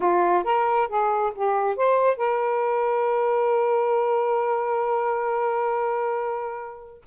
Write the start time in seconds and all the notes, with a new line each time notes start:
0.00 F4
0.44 A#4
0.88 G#4
1.34 G4
1.76 C5
2.17 A#4